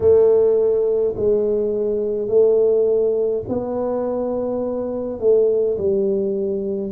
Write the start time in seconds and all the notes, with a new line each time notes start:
0.00 A3
1.16 G#3
2.28 A3
3.48 B3
5.19 A3
5.77 G3